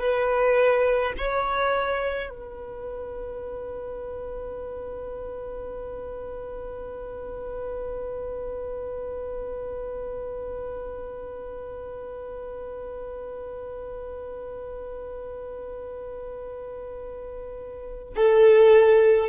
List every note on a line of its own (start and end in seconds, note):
0.00 1.13 B4
1.18 2.30 C#5
2.30 18.14 B4
18.16 19.29 A4